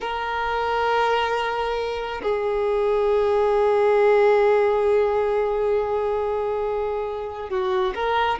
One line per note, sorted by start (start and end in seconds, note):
0.01 2.21 A#4
2.22 7.49 G#4
7.49 7.93 F#4
7.94 8.38 A#4